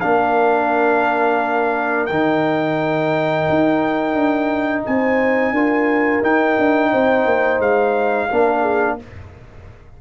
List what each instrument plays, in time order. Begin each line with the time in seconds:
0.00 tuba A#3, trombone D4, horn A#4, trumpet F5
2.06 tuba D#3, trombone D#4, trumpet G5
3.49 tuba D#4
4.14 tuba D4
4.85 tuba C4, horn C5, trumpet G#5
5.51 tuba D4, trombone F4, horn A#4
6.22 tuba D#4, trombone D#4, trumpet G5
6.58 tuba D4
6.90 tuba C4, horn C5
7.25 tuba A#3
7.59 tuba G#3, trumpet F5
8.30 tuba A#3, trombone D4, horn A#4
8.60 horn G#4